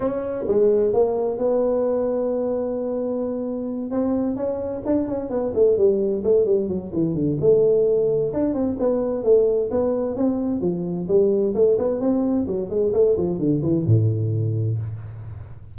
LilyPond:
\new Staff \with { instrumentName = "tuba" } { \time 4/4 \tempo 4 = 130 cis'4 gis4 ais4 b4~ | b1~ | b8 c'4 cis'4 d'8 cis'8 b8 | a8 g4 a8 g8 fis8 e8 d8 |
a2 d'8 c'8 b4 | a4 b4 c'4 f4 | g4 a8 b8 c'4 fis8 gis8 | a8 f8 d8 e8 a,2 | }